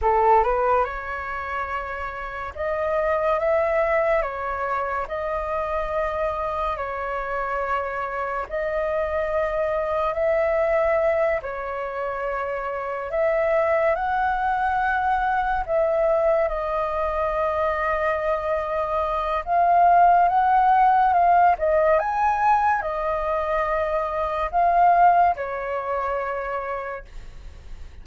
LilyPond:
\new Staff \with { instrumentName = "flute" } { \time 4/4 \tempo 4 = 71 a'8 b'8 cis''2 dis''4 | e''4 cis''4 dis''2 | cis''2 dis''2 | e''4. cis''2 e''8~ |
e''8 fis''2 e''4 dis''8~ | dis''2. f''4 | fis''4 f''8 dis''8 gis''4 dis''4~ | dis''4 f''4 cis''2 | }